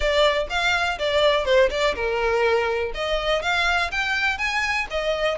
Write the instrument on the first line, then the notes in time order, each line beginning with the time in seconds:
violin
0.00 D5
0.49 F5
0.98 D5
1.45 C5
1.70 D5
1.95 A#4
2.94 D#5
3.41 F5
3.91 G5
4.38 G#5
4.90 D#5